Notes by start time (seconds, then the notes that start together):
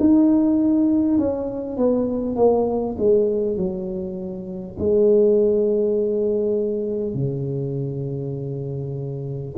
0.00 D#4
1.18 C#4
1.77 B3
2.36 A#3
2.98 G#3
3.57 F#3
4.79 G#3
7.14 C#3